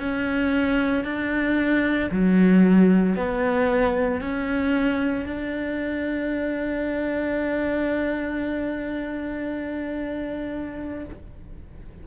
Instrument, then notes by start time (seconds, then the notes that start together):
cello
0.00 C#4
1.05 D4
2.12 F#3
3.16 B3
4.21 C#4
5.26 D4